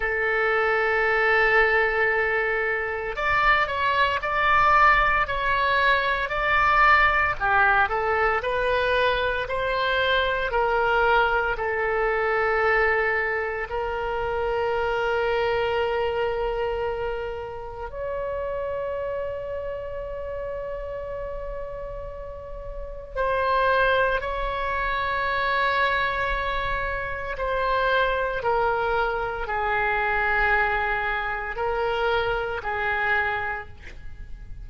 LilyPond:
\new Staff \with { instrumentName = "oboe" } { \time 4/4 \tempo 4 = 57 a'2. d''8 cis''8 | d''4 cis''4 d''4 g'8 a'8 | b'4 c''4 ais'4 a'4~ | a'4 ais'2.~ |
ais'4 cis''2.~ | cis''2 c''4 cis''4~ | cis''2 c''4 ais'4 | gis'2 ais'4 gis'4 | }